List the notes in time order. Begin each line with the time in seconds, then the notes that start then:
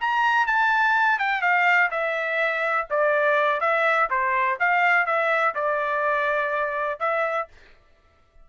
0.00 A#5
0.47 A5
1.18 G5
1.41 F5
1.90 E5
2.90 D5
3.60 E5
4.10 C5
4.59 F5
5.06 E5
5.54 D5
6.99 E5